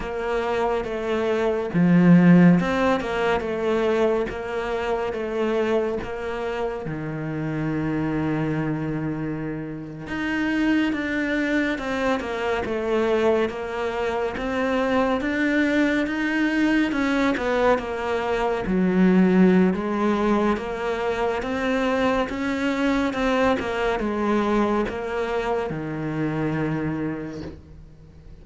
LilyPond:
\new Staff \with { instrumentName = "cello" } { \time 4/4 \tempo 4 = 70 ais4 a4 f4 c'8 ais8 | a4 ais4 a4 ais4 | dis2.~ dis8. dis'16~ | dis'8. d'4 c'8 ais8 a4 ais16~ |
ais8. c'4 d'4 dis'4 cis'16~ | cis'16 b8 ais4 fis4~ fis16 gis4 | ais4 c'4 cis'4 c'8 ais8 | gis4 ais4 dis2 | }